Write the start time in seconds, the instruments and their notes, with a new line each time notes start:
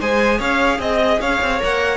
0.00 cello G#3, viola G#4, violin C5 G#5
0.38 cello C#4, violin C#5 F5
0.79 cello C4, violin D#5
1.20 cello C#4, violin C#5 F5
1.41 cello C4
1.59 cello A#3, viola A#4, violin F#5